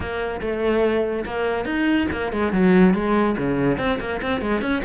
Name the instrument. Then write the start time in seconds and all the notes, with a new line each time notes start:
cello
0.00 A#3
0.41 A3
1.25 A#3
1.65 D#4
2.11 A#3
2.32 G#3
2.52 F#3
2.94 G#3
3.37 C#3
3.78 C4
4.00 A#3
4.22 C4
4.41 G#3
4.61 C#4